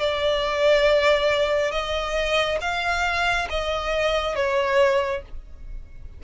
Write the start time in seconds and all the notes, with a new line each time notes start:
0.00 D5
1.72 D#5
2.61 F5
3.50 D#5
4.36 C#5